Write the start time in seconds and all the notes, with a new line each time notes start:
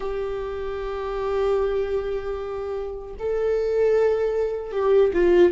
0.00 G4
3.19 A4
4.72 G4
5.13 F4